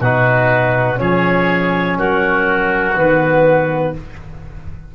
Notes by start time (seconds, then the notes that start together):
0.00 B2 D#4 F#4 B4
0.97 F3 C#4 G#4 C#5
1.98 F#3 F#4 A#4
2.96 D#3 B3 B4